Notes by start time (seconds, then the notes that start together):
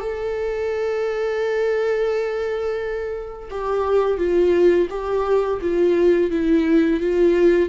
0.00 A4
3.50 G4
4.18 F4
4.90 G4
5.61 F4
6.30 E4
7.00 F4